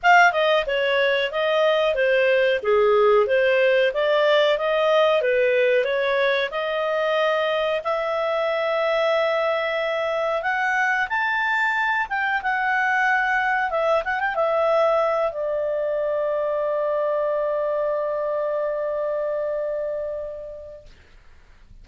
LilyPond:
\new Staff \with { instrumentName = "clarinet" } { \time 4/4 \tempo 4 = 92 f''8 dis''8 cis''4 dis''4 c''4 | gis'4 c''4 d''4 dis''4 | b'4 cis''4 dis''2 | e''1 |
fis''4 a''4. g''8 fis''4~ | fis''4 e''8 fis''16 g''16 e''4. d''8~ | d''1~ | d''1 | }